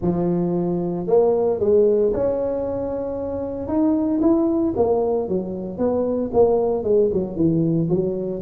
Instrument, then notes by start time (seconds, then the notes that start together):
tuba
0.01 F3
1.06 A#3
1.59 G#3
2.13 C#4
3.67 D#4
4.21 E4
4.76 A#3
5.28 F#3
5.78 B3
6.33 A#3
6.83 G#3
7.13 F#3
7.35 E3
7.89 F#3